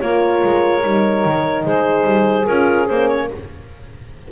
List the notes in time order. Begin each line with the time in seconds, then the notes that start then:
0.00 A#3 F4 A#4 C#5
0.44 G#3
0.81 G3 D#4
1.25 D#3
1.64 G#3 G#4 C5
2.04 G3
2.46 C#4 F4 A#4
2.88 A#3 C#4 C5
3.08 C#5